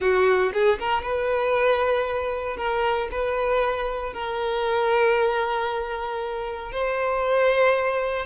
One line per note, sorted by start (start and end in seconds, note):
0.00 0.52 F#4
0.53 0.79 G#4
0.79 1.02 A#4
1.02 2.57 B4
2.57 3.08 A#4
3.11 4.13 B4
4.13 6.71 A#4
6.71 8.25 C5